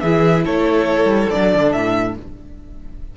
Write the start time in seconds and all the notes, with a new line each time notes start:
0.00 E3 E4 G#4 E5
0.44 A3 A4 C#5
1.05 G3
1.30 F#3 D4 D5
1.54 D3
1.72 A2 E5